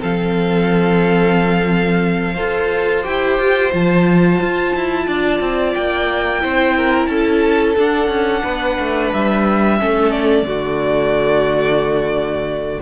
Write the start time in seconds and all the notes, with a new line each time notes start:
0.00 F3 C4 A4 F5
2.34 F4 A4 C5
3.03 E4 G4 G5
3.39 F4
3.72 F3 F4 A5
4.41 F4
4.75 E4
5.07 D4 D5
5.40 C4
5.74 A#3 G5
6.41 C4 E4 C5
6.77 A#4
7.06 C#4 A4 A5
7.78 D4 F#5
8.08 C#4
8.43 B3 B4
8.79 A3
9.13 G3 E5
9.79 A3 C#4 A4
10.11 D5
10.43 D3 A3 F#4